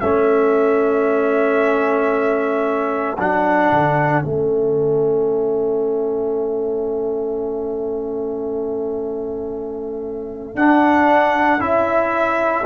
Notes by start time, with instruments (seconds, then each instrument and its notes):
0.00 tuba A3, trombone C#4, horn A4, trumpet E5
3.18 tuba F#3, trombone D4, trumpet F#5
3.71 tuba D3
4.24 tuba A3, trombone C#4, trumpet E5
10.55 tuba D4, trombone D4, trumpet F#5
11.59 tuba C#4, trombone E4, trumpet E5